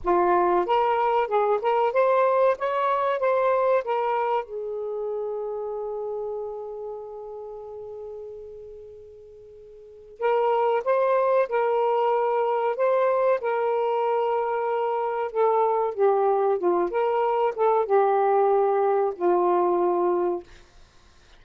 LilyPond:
\new Staff \with { instrumentName = "saxophone" } { \time 4/4 \tempo 4 = 94 f'4 ais'4 gis'8 ais'8 c''4 | cis''4 c''4 ais'4 gis'4~ | gis'1~ | gis'1 |
ais'4 c''4 ais'2 | c''4 ais'2. | a'4 g'4 f'8 ais'4 a'8 | g'2 f'2 | }